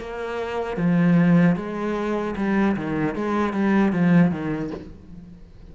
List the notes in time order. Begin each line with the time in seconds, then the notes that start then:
0.00 A#3
0.77 F3
1.56 G#3
2.37 G3
2.77 D#3
3.15 G#3
3.53 G3
3.93 F3
4.31 D#3